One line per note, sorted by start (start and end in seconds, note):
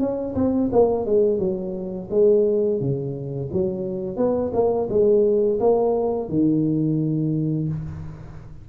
0.00 0.35 C#4
0.35 0.70 C4
0.73 1.06 A#3
1.06 1.39 G#3
1.39 2.09 F#3
2.11 2.81 G#3
2.81 3.50 C#3
3.53 4.17 F#3
4.17 4.52 B3
4.54 4.89 A#3
4.90 5.60 G#3
5.60 6.29 A#3
6.29 7.69 D#3